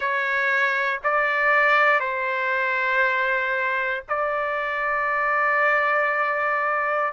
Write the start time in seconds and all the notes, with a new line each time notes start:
0.00 C#5
1.04 D5
2.00 C5
4.08 D5